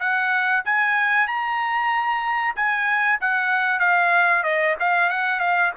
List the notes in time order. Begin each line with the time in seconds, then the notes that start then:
0.00 F#5
0.65 G#5
1.27 A#5
2.56 G#5
3.21 F#5
3.79 F5
4.44 D#5
4.80 F5
5.10 F#5
5.40 F5